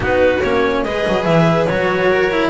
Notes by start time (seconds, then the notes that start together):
0.00 B3 D#4 F#4 B4
0.42 A#3 C#4 C#5
0.83 G#3 G#4 B4 D#5
1.07 F#3
1.24 E3 E5
1.65 F#3 F#4 C#5
2.08 A#4
2.31 E4